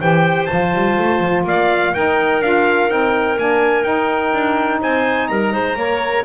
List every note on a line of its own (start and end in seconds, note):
0.00 0.49 E3
0.00 0.48 G4
0.00 1.44 C5
0.00 0.46 G5
0.46 0.74 F3
0.46 1.93 F4
0.46 1.42 A5
0.74 0.98 G3
0.98 1.20 A3
1.20 1.43 F3
1.43 1.91 A#3
1.43 1.93 D5
1.43 1.94 F5
1.93 2.43 D#4
1.93 2.41 D#4
1.93 4.80 A#4
1.93 2.42 G5
2.41 2.89 D4
2.41 2.89 F4
2.41 2.90 F5
2.89 3.37 C4
2.89 3.37 D#4
2.89 3.38 G5
3.38 3.84 A#3
3.38 3.83 D4
3.38 3.84 G#5
3.83 5.75 D#4
3.83 4.32 D#4
3.83 4.80 G5
4.33 4.81 D4
4.80 5.29 C4
4.80 5.28 C5
4.80 5.28 G#5
5.28 5.53 G3
5.28 5.53 A#4
5.28 6.24 A#5
5.53 5.76 G#3
5.53 5.77 C5
5.76 6.24 A#3
5.76 6.25 A#4
5.76 6.25 C#5